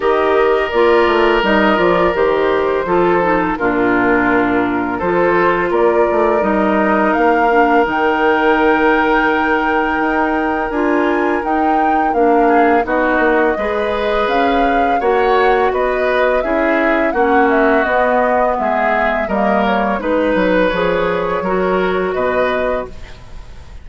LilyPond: <<
  \new Staff \with { instrumentName = "flute" } { \time 4/4 \tempo 4 = 84 dis''4 d''4 dis''8 d''8 c''4~ | c''4 ais'2 c''4 | d''4 dis''4 f''4 g''4~ | g''2. gis''4 |
g''4 f''4 dis''2 | f''4 fis''4 dis''4 e''4 | fis''8 e''8 dis''4 e''4 dis''8 cis''8 | b'4 cis''2 dis''4 | }
  \new Staff \with { instrumentName = "oboe" } { \time 4/4 ais'1 | a'4 f'2 a'4 | ais'1~ | ais'1~ |
ais'4. gis'8 fis'4 b'4~ | b'4 cis''4 b'4 gis'4 | fis'2 gis'4 ais'4 | b'2 ais'4 b'4 | }
  \new Staff \with { instrumentName = "clarinet" } { \time 4/4 g'4 f'4 dis'8 f'8 g'4 | f'8 dis'8 d'2 f'4~ | f'4 dis'4. d'8 dis'4~ | dis'2. f'4 |
dis'4 d'4 dis'4 gis'4~ | gis'4 fis'2 e'4 | cis'4 b2 ais4 | dis'4 gis'4 fis'2 | }
  \new Staff \with { instrumentName = "bassoon" } { \time 4/4 dis4 ais8 a8 g8 f8 dis4 | f4 ais,2 f4 | ais8 a8 g4 ais4 dis4~ | dis2 dis'4 d'4 |
dis'4 ais4 b8 ais8 gis4 | cis'4 ais4 b4 cis'4 | ais4 b4 gis4 g4 | gis8 fis8 f4 fis4 b,4 | }
>>